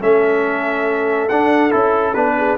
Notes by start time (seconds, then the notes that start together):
0.00 A3 C#4 A4 E5
1.29 D4 F#5
1.71 C#4 E4 A4
2.14 B3 D4 B4
2.37 G#4